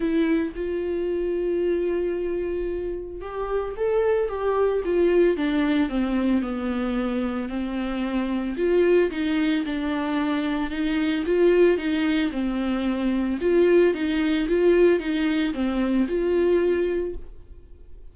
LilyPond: \new Staff \with { instrumentName = "viola" } { \time 4/4 \tempo 4 = 112 e'4 f'2.~ | f'2 g'4 a'4 | g'4 f'4 d'4 c'4 | b2 c'2 |
f'4 dis'4 d'2 | dis'4 f'4 dis'4 c'4~ | c'4 f'4 dis'4 f'4 | dis'4 c'4 f'2 | }